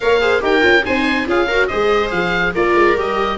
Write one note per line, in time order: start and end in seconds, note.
0.00 0.42 A#3
0.00 0.20 A#4
0.00 0.21 C#5
0.00 0.42 F5
0.20 0.40 G#4
0.20 0.42 C5
0.40 0.63 D#4
0.40 0.60 G4
0.40 0.85 A#4
0.40 0.85 G5
0.60 0.84 C#4
0.60 0.82 F4
0.84 1.26 C4
0.84 1.26 D#4
0.84 1.27 C5
0.84 1.27 G#5
1.26 1.69 C#4
1.26 1.47 F4
1.26 1.47 G#4
1.26 1.67 F5
1.47 1.70 F#4
1.47 1.68 A#4
1.67 2.11 G#3
1.67 2.54 G#4
1.67 2.53 C5
1.67 2.09 D#5
2.10 2.54 F3
2.10 2.53 F5
2.54 2.74 A#3
2.54 2.96 F4
2.54 3.37 A#4
2.54 2.97 D5
2.74 2.95 G#3
2.95 3.37 G3
2.95 3.37 G4
2.95 3.37 D#5